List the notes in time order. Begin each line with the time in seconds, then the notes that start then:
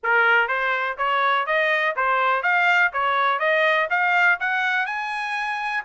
0.03 A#4
0.48 C5
0.97 C#5
1.46 D#5
1.96 C5
2.42 F5
2.92 C#5
3.39 D#5
3.90 F5
4.40 F#5
4.86 G#5